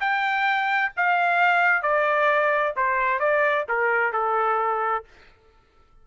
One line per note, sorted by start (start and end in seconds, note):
0.00 0.92 G5
0.96 1.82 F5
1.82 2.74 D5
2.76 3.20 C5
3.20 3.65 D5
3.69 4.13 A#4
4.13 5.04 A4